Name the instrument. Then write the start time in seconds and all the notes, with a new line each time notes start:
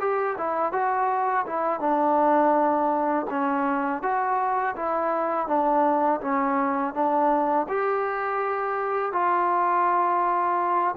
trombone
0.00 G4
0.38 E4
0.73 F#4
1.47 E4
1.80 D4
3.30 C#4
4.02 F#4
4.76 E4
5.47 D4
6.21 C#4
6.94 D4
7.69 G4
9.13 F4